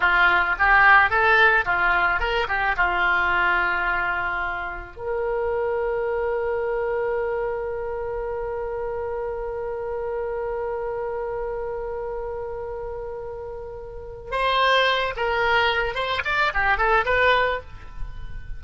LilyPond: \new Staff \with { instrumentName = "oboe" } { \time 4/4 \tempo 4 = 109 f'4 g'4 a'4 f'4 | ais'8 g'8 f'2.~ | f'4 ais'2.~ | ais'1~ |
ais'1~ | ais'1~ | ais'2 c''4. ais'8~ | ais'4 c''8 d''8 g'8 a'8 b'4 | }